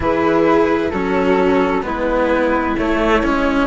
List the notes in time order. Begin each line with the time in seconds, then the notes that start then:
0.00 E3 E4 G#4 B4
0.90 F#3 C#4 F#4 A4
1.82 G#3 B3 E4 B4
2.77 A3 C#5
3.22 G#3 C#4